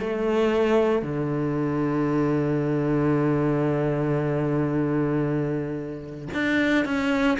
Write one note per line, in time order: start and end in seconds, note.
0.00 1.03 A3
1.03 6.29 D3
6.34 6.85 D4
6.85 7.38 C#4